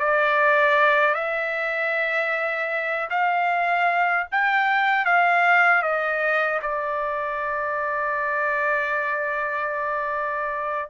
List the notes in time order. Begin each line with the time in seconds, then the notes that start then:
0.00 D5
1.15 E5
3.11 F5
4.32 G5
5.06 F5
5.83 D#5
6.62 D5